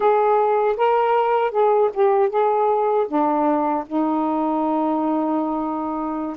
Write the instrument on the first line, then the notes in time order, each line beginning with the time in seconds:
saxophone
0.00 G#4
0.77 A#4
1.51 G#4
1.93 G4
2.29 G#4
3.07 D4
3.86 D#4